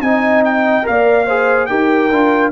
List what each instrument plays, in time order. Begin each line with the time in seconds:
0.00 tuba C4, trombone D#4, horn D#5, trumpet G#5
0.44 trumpet G5
0.82 tuba A#3, trombone A#4, trumpet F5
0.89 horn D5
1.26 trombone G#4, horn C5
1.66 tuba D#4, trombone G4, horn A#4, trumpet G5
2.11 tuba D4, trombone F4